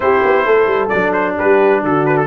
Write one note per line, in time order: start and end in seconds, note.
0.00 0.20 C4
0.00 0.90 E4
0.00 0.45 G4
0.00 0.88 C5
0.24 0.46 B3
0.45 0.66 A3
0.45 1.36 A4
0.66 0.89 G3
0.88 1.39 F#3
0.88 2.27 D4
0.88 1.11 D5
1.12 1.35 C5
1.37 1.82 G3
1.37 1.83 G4
1.37 1.83 B4
1.82 2.27 D3
1.82 2.27 F#4
1.82 2.05 A4
2.05 2.16 B4
2.16 2.27 A4